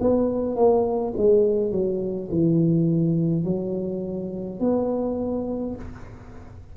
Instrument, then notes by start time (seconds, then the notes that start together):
tuba
0.00 B3
0.56 A#3
1.17 G#3
1.71 F#3
2.31 E3
3.44 F#3
4.59 B3